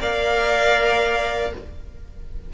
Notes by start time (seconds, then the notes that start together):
0.00 A#3 A#4 D5 F5